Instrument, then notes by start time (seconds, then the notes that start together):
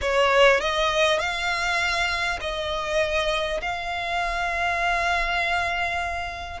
violin
0.01 C#5
0.60 D#5
1.19 F5
2.40 D#5
3.61 F5